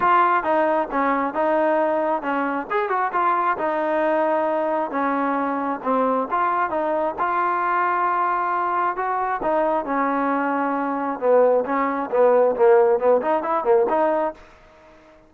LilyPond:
\new Staff \with { instrumentName = "trombone" } { \time 4/4 \tempo 4 = 134 f'4 dis'4 cis'4 dis'4~ | dis'4 cis'4 gis'8 fis'8 f'4 | dis'2. cis'4~ | cis'4 c'4 f'4 dis'4 |
f'1 | fis'4 dis'4 cis'2~ | cis'4 b4 cis'4 b4 | ais4 b8 dis'8 e'8 ais8 dis'4 | }